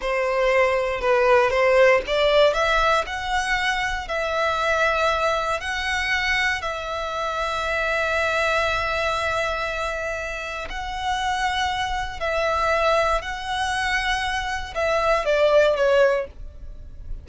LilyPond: \new Staff \with { instrumentName = "violin" } { \time 4/4 \tempo 4 = 118 c''2 b'4 c''4 | d''4 e''4 fis''2 | e''2. fis''4~ | fis''4 e''2.~ |
e''1~ | e''4 fis''2. | e''2 fis''2~ | fis''4 e''4 d''4 cis''4 | }